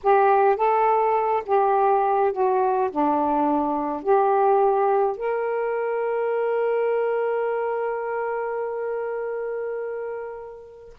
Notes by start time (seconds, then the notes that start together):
0.03 G4
0.56 A4
1.46 G4
2.32 F#4
2.90 D4
4.02 G4
5.17 A#4